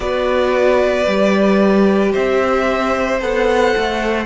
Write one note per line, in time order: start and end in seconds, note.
0.00 1.06 B3
0.00 1.05 F#4
0.00 2.12 B4
0.00 2.12 D5
1.05 2.13 G3
1.05 3.20 G4
2.12 3.21 C4
2.12 4.25 C5
2.12 3.21 E5
3.20 3.75 B3
3.20 4.25 A4
3.20 4.25 F#5
3.76 4.25 A3